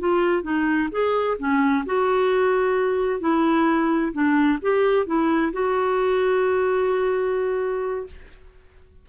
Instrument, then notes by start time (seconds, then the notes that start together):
clarinet
0.00 F4
0.43 D#4
0.92 G#4
1.39 C#4
1.86 F#4
3.21 E4
4.13 D4
4.62 G4
5.07 E4
5.53 F#4